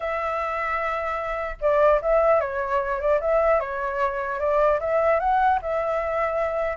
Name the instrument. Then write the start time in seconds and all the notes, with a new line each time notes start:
flute
0.00 E5
1.60 D5
2.01 E5
2.40 C#5
3.00 D5
3.20 E5
3.60 C#5
4.39 D5
4.79 E5
5.19 F#5
5.61 E5